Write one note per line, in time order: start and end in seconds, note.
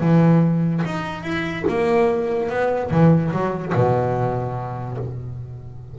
0.00 0.82 E3
0.85 1.23 D#4
1.23 1.64 E4
1.68 2.49 A#3
2.49 2.90 B3
2.90 3.31 E3
3.32 3.73 F#3
3.74 4.97 B2